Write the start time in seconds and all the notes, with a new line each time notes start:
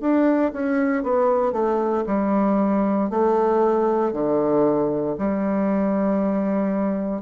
0.00 D4
0.53 C#4
1.03 B3
1.52 A3
2.06 G3
3.10 A3
4.13 D3
5.18 G3